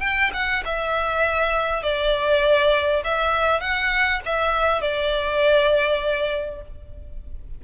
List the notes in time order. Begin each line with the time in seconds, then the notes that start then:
0.00 G5
0.33 F#5
0.65 E5
1.82 D5
3.04 E5
3.60 F#5
4.25 E5
4.81 D5